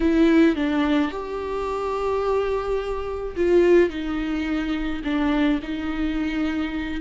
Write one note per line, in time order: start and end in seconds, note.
0.00 0.55 E4
0.55 1.11 D4
1.11 3.35 G4
3.36 3.89 F4
3.89 5.01 D#4
5.04 5.60 D4
5.62 7.01 D#4